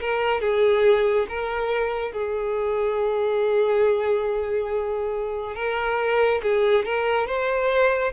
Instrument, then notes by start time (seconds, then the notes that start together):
violin
0.00 A#4
0.41 G#4
1.29 A#4
2.12 G#4
5.56 A#4
6.42 G#4
6.85 A#4
7.27 C5